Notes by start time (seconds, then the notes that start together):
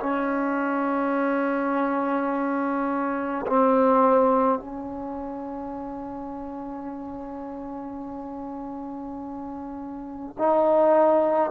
0.00 C#4
3.47 C4
4.59 C#4
10.39 D#4